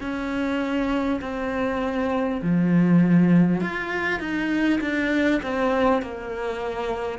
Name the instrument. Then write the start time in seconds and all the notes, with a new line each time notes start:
cello
0.00 C#4
1.21 C4
2.42 F3
3.61 F4
4.19 D#4
4.80 D4
5.42 C4
6.02 A#3